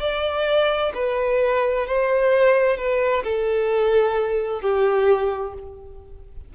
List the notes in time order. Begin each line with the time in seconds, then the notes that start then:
0.00 D5
0.94 B4
1.87 C5
2.77 B4
3.23 A4
4.61 G4